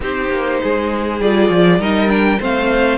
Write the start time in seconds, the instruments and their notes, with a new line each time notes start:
0.00 cello C4, viola D#4, violin G4 C5
0.29 cello A#3
0.62 cello G#3, violin G#4
1.21 cello G3, viola F4, violin D5
1.49 cello F3
1.79 cello G3, viola D#4, violin A#4 D#5
2.08 viola D4, violin G5
2.39 cello A3, viola C4, violin C5 F5